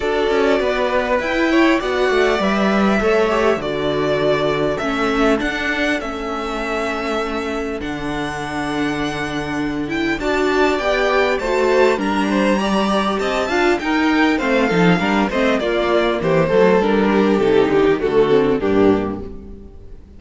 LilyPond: <<
  \new Staff \with { instrumentName = "violin" } { \time 4/4 \tempo 4 = 100 d''2 g''4 fis''4 | e''2 d''2 | e''4 fis''4 e''2~ | e''4 fis''2.~ |
fis''8 g''8 a''4 g''4 a''4 | ais''2 a''4 g''4 | f''4. dis''8 d''4 c''4 | ais'4 a'8 g'8 a'4 g'4 | }
  \new Staff \with { instrumentName = "violin" } { \time 4/4 a'4 b'4. cis''8 d''4~ | d''4 cis''4 a'2~ | a'1~ | a'1~ |
a'4 d''2 c''4 | ais'8 c''8 d''4 dis''8 f''8 ais'4 | c''8 a'8 ais'8 c''8 f'4 g'8 a'8~ | a'8 g'4. fis'4 d'4 | }
  \new Staff \with { instrumentName = "viola" } { \time 4/4 fis'2 e'4 fis'4 | b'4 a'8 g'8 fis'2 | cis'4 d'4 cis'2~ | cis'4 d'2.~ |
d'8 e'8 fis'4 g'4 fis'4 | d'4 g'4. f'8 dis'4 | c'8 dis'8 d'8 c'8 ais4. a8 | d'4 dis'4 a8 c'8 ais4 | }
  \new Staff \with { instrumentName = "cello" } { \time 4/4 d'8 cis'8 b4 e'4 b8 a8 | g4 a4 d2 | a4 d'4 a2~ | a4 d2.~ |
d4 d'4 b4 a4 | g2 c'8 d'8 dis'4 | a8 f8 g8 a8 ais4 e8 fis8 | g4 c8 d16 dis16 d4 g,4 | }
>>